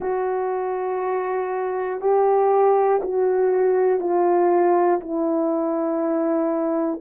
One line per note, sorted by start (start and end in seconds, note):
0.00 2.00 F#4
2.00 3.00 G4
3.02 4.00 F#4
4.00 5.00 F4
5.00 7.00 E4